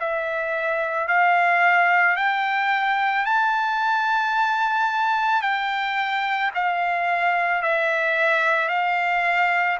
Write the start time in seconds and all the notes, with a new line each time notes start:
0.00 E5
1.08 F5
2.16 G5
3.25 A5
5.42 G5
6.55 F5
7.62 E5
8.69 F5